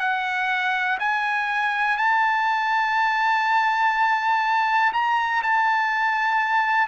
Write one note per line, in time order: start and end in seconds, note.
0.00 0.98 F#5
0.99 1.98 G#5
1.98 4.93 A5
4.93 5.42 A#5
5.42 6.88 A5